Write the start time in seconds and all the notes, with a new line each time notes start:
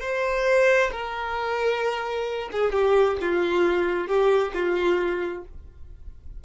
0.00 C5
0.91 A#4
2.52 G#4
2.72 G4
3.21 F4
4.07 G4
4.53 F4